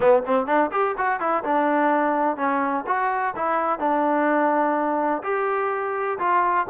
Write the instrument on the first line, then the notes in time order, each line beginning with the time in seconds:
trombone
0.00 B3
0.26 C4
0.46 D4
0.71 G4
0.97 F#4
1.19 E4
1.44 D4
2.36 C#4
2.87 F#4
3.36 E4
3.79 D4
5.23 G4
6.18 F4